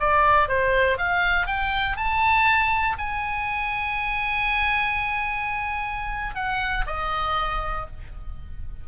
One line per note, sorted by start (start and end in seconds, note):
0.00 0.48 D5
0.48 0.98 C5
0.98 1.47 F5
1.47 1.97 G5
1.97 2.97 A5
2.98 6.35 G#5
6.35 6.85 F#5
6.87 7.87 D#5